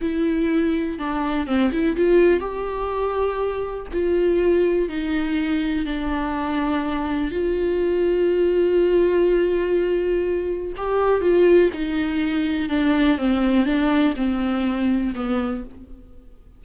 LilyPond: \new Staff \with { instrumentName = "viola" } { \time 4/4 \tempo 4 = 123 e'2 d'4 c'8 e'8 | f'4 g'2. | f'2 dis'2 | d'2. f'4~ |
f'1~ | f'2 g'4 f'4 | dis'2 d'4 c'4 | d'4 c'2 b4 | }